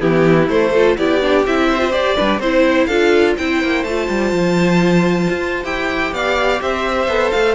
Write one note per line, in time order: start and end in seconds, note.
0.00 0.49 E3
0.00 0.48 B3
0.00 0.72 E4
0.00 0.49 G4
0.49 0.97 A3
0.49 0.74 A3
0.49 0.97 C5
0.73 0.98 F4
0.73 0.97 A4
0.97 1.46 B3
0.97 1.22 E4
0.97 1.69 G4
0.97 1.45 D5
1.22 1.46 D4
1.46 1.93 C4
1.46 1.79 E4
1.46 1.92 E5
1.69 2.16 C5
1.79 1.91 F4
1.91 2.15 G4
1.91 2.17 G4
1.91 2.40 D5
2.16 2.39 G3
2.16 2.40 D4
2.16 2.40 B4
2.39 2.87 C4
2.39 2.91 E4
2.39 2.86 C5
2.39 2.87 C5
2.86 3.36 D4
2.86 3.39 F4
2.86 3.35 A4
2.86 3.34 F5
3.38 3.63 C4
3.38 3.87 E4
3.38 6.14 C5
3.38 3.84 G5
3.63 3.84 A#3
3.84 4.08 A3
3.84 5.64 F4
3.84 5.64 A5
4.09 4.32 G3
4.32 5.28 F3
5.29 5.64 F4
5.64 6.12 E4
5.64 7.08 G4
5.64 6.13 G5
6.12 6.60 B3
6.12 6.62 D5
6.12 6.62 F5
6.62 7.08 C4
6.62 7.55 C5
6.62 7.31 E5
7.08 7.32 B3
7.08 7.55 A4
7.31 7.55 A3
7.31 7.55 F5